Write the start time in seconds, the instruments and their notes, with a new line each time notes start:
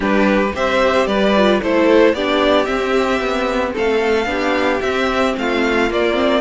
0.00 cello G3, viola D4, violin G4 B4
0.54 cello C4, viola G4, violin C5 E5
1.06 cello G3, violin B4 D5
1.36 viola F4
1.62 cello A3, viola E4, violin A4 C5
2.13 cello B3, viola D4, violin G4 D5
2.65 viola C4, cello C4, violin E5
3.20 cello B3
3.73 cello A3, violin A4 F5
4.26 cello B3, viola D4, violin G4
4.80 cello C4, viola C4, violin E5
5.37 cello A3, violin F4 F5
5.90 cello A#3, viola A#3, violin D5
6.13 viola C4